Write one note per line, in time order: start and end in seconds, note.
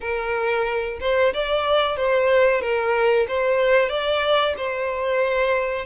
0.00 0.98 A#4
1.00 1.33 C5
1.33 1.97 D5
1.97 2.61 C5
2.61 3.26 A#4
3.28 3.89 C5
3.89 4.54 D5
4.57 5.85 C5